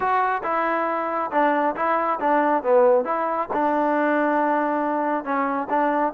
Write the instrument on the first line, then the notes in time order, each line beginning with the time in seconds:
trombone
0.00 F#4
0.43 E4
1.31 D4
1.75 E4
2.20 D4
2.63 B3
3.05 E4
3.53 D4
5.24 C#4
5.69 D4